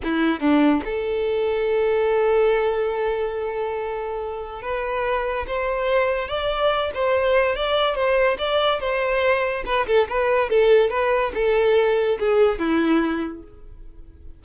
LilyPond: \new Staff \with { instrumentName = "violin" } { \time 4/4 \tempo 4 = 143 e'4 d'4 a'2~ | a'1~ | a'2. b'4~ | b'4 c''2 d''4~ |
d''8 c''4. d''4 c''4 | d''4 c''2 b'8 a'8 | b'4 a'4 b'4 a'4~ | a'4 gis'4 e'2 | }